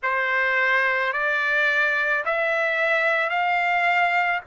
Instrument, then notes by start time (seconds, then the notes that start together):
trumpet
0.03 C5
1.13 D5
2.25 E5
3.29 F5